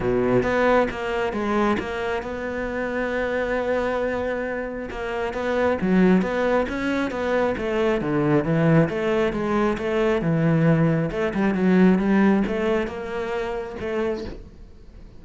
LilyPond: \new Staff \with { instrumentName = "cello" } { \time 4/4 \tempo 4 = 135 b,4 b4 ais4 gis4 | ais4 b2.~ | b2. ais4 | b4 fis4 b4 cis'4 |
b4 a4 d4 e4 | a4 gis4 a4 e4~ | e4 a8 g8 fis4 g4 | a4 ais2 a4 | }